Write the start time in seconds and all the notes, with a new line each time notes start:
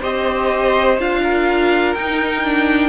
0.00 C4 G4 C5 D#5
0.98 D4 F4 F5
1.23 A#4
1.94 D#4 G5
2.44 D4